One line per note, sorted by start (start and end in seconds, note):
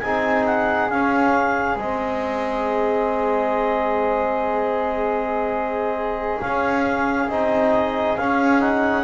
0.00 0.91 C4
0.00 0.91 D#4
0.00 9.04 G#4
0.00 0.44 G#5
0.46 0.90 F#5
0.90 1.76 C#4
0.90 1.79 C#4
0.90 1.78 F5
1.76 6.39 G#3
1.76 6.41 C4
1.76 6.41 D#5
6.41 7.29 C#4
6.41 7.29 F5
7.29 8.18 C4
7.29 8.18 D#4
7.29 8.17 D#5
8.17 9.04 C#4
8.17 8.60 C#4
8.17 8.62 F5
8.60 9.04 D#4
8.60 9.04 F#5